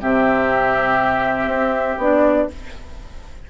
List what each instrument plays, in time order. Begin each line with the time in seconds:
0.00 bassoon C3, clarinet C4, oboe G4, flute E5
1.46 bassoon C4
1.97 bassoon B3, clarinet D4, flute D5